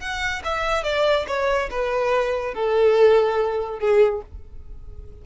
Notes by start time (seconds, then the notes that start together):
0.00 F#5
0.44 E5
0.83 D5
1.27 C#5
1.71 B4
2.54 A4
3.80 G#4